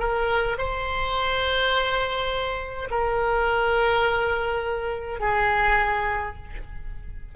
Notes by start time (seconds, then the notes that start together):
0.00 A#4
0.58 C5
2.91 A#4
5.20 G#4